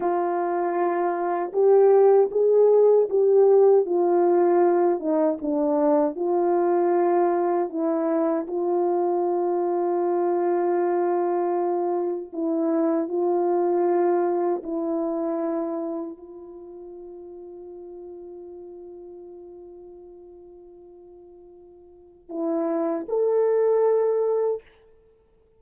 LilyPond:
\new Staff \with { instrumentName = "horn" } { \time 4/4 \tempo 4 = 78 f'2 g'4 gis'4 | g'4 f'4. dis'8 d'4 | f'2 e'4 f'4~ | f'1 |
e'4 f'2 e'4~ | e'4 f'2.~ | f'1~ | f'4 e'4 a'2 | }